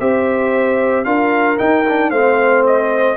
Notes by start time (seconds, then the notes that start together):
0.00 C4 G4 C5 E5
1.05 D4 F4 A#4 F5
1.58 D#4 G5
1.88 D4
2.10 A3 C4 C5 F5
2.67 D#5